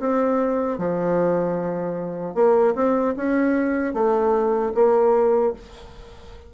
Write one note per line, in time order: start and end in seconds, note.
0.00 0.78 C4
0.78 2.35 F3
2.35 2.75 A#3
2.75 3.15 C4
3.17 3.94 C#4
3.94 4.73 A3
4.75 5.54 A#3